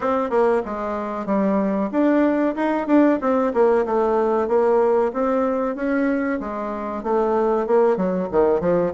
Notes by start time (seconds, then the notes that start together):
0.00 C4
0.30 A#3
0.65 G#3
1.26 G3
1.91 D4
2.55 D#4
2.87 D4
3.21 C4
3.53 A#3
3.85 A3
4.48 A#3
5.13 C4
5.75 C#4
6.40 G#3
7.03 A3
7.66 A#3
7.96 F#3
8.31 D#3
8.60 F3